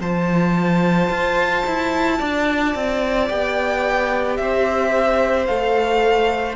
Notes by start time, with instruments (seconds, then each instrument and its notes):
0.00 cello F3, viola F4, violin C5 A5
1.10 cello F4
1.67 cello E4
2.19 cello D4, violin D5
2.75 cello C4
3.28 cello B3, viola G4, violin G5
4.37 cello C4, violin C5 E5
5.46 cello A3, viola A4, violin F5